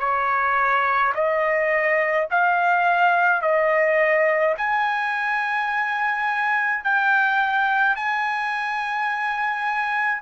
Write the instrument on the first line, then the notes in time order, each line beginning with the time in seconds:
trumpet
0.00 C#5
1.15 D#5
2.31 F5
3.42 D#5
4.57 G#5
6.84 G5
7.96 G#5